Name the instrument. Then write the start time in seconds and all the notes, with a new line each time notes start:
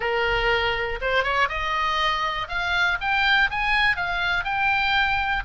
oboe
0.00 A#4
1.01 C5
1.23 C#5
1.49 D#5
2.48 F5
3.00 G5
3.50 G#5
3.96 F5
4.44 G5